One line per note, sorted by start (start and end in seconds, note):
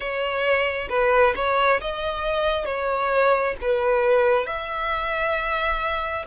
0.00 0.88 C#5
0.89 1.34 B4
1.35 1.80 C#5
1.80 2.65 D#5
2.65 3.55 C#5
3.61 4.46 B4
4.46 6.25 E5